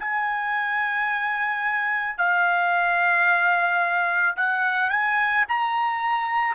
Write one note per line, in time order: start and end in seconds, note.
0.00 2.18 G#5
2.18 4.36 F5
4.36 4.90 F#5
4.90 5.45 G#5
5.48 6.55 A#5